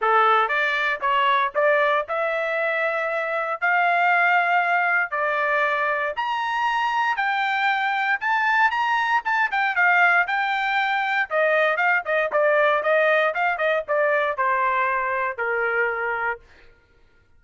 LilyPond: \new Staff \with { instrumentName = "trumpet" } { \time 4/4 \tempo 4 = 117 a'4 d''4 cis''4 d''4 | e''2. f''4~ | f''2 d''2 | ais''2 g''2 |
a''4 ais''4 a''8 g''8 f''4 | g''2 dis''4 f''8 dis''8 | d''4 dis''4 f''8 dis''8 d''4 | c''2 ais'2 | }